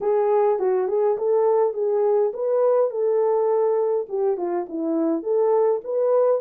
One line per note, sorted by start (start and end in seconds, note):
0.00 0.59 G#4
0.59 0.87 F#4
0.87 1.17 G#4
1.17 1.73 A4
1.73 2.31 G#4
2.33 2.90 B4
2.90 4.06 A4
4.09 4.37 G4
4.37 4.66 F4
4.68 5.22 E4
5.22 5.80 A4
5.84 6.41 B4